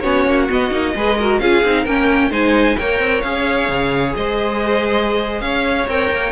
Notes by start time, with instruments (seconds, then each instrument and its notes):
0.00 cello B3, viola C#4, violin F#4 C#5
0.26 cello A#3
0.50 viola B3, cello B3, violin D#5
0.71 cello A#3, viola D#4
0.95 cello G#3, viola G#4, violin B4
1.19 viola F#4, violin A#4
1.40 cello C#4, viola F4, violin G#4 F5
1.65 cello C4, viola D#4
1.83 cello A#3, viola C#4, violin A#4 G5
2.31 cello G#3, viola D#4, violin C5 G#5
2.78 cello A#3, viola A#4, violin C#5 G5
3.00 cello C4
3.21 cello C#4, viola G#4, violin F5
3.69 cello C#3
4.16 cello G#3, violin C5 D#5
5.41 cello C#4, violin C#5 F5
5.88 cello C4, viola A#4, violin G5
6.11 cello A#3